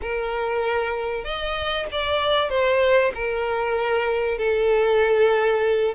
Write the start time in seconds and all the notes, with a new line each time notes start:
0.01 A#4
1.24 D#5
1.91 D5
2.49 C5
3.14 A#4
4.38 A4